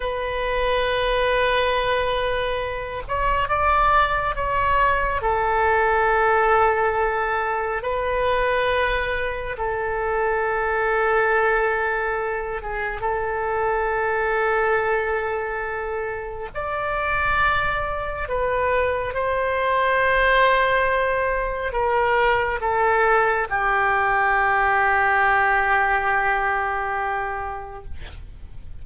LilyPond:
\new Staff \with { instrumentName = "oboe" } { \time 4/4 \tempo 4 = 69 b'2.~ b'8 cis''8 | d''4 cis''4 a'2~ | a'4 b'2 a'4~ | a'2~ a'8 gis'8 a'4~ |
a'2. d''4~ | d''4 b'4 c''2~ | c''4 ais'4 a'4 g'4~ | g'1 | }